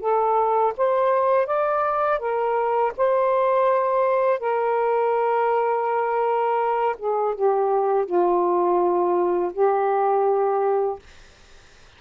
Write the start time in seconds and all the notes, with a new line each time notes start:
0.00 A4
0.77 C5
1.46 D5
2.20 A#4
2.97 C5
4.40 A#4
6.98 G#4
7.35 G4
8.06 F4
9.53 G4